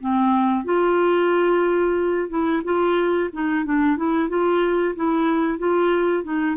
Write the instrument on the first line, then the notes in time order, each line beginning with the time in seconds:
clarinet
0.00 C4
0.64 F4
2.29 E4
2.64 F4
3.33 D#4
3.65 D4
3.97 E4
4.29 F4
4.96 E4
5.58 F4
6.24 D#4